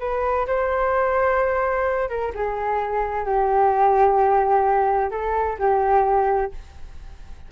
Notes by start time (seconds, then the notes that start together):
0.00 B4
0.47 C5
2.09 A#4
2.35 G#4
3.26 G4
5.11 A4
5.59 G4